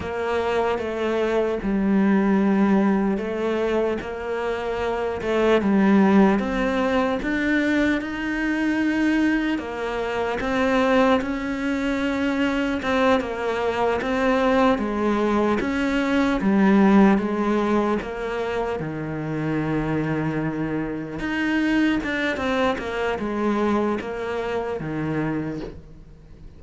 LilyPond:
\new Staff \with { instrumentName = "cello" } { \time 4/4 \tempo 4 = 75 ais4 a4 g2 | a4 ais4. a8 g4 | c'4 d'4 dis'2 | ais4 c'4 cis'2 |
c'8 ais4 c'4 gis4 cis'8~ | cis'8 g4 gis4 ais4 dis8~ | dis2~ dis8 dis'4 d'8 | c'8 ais8 gis4 ais4 dis4 | }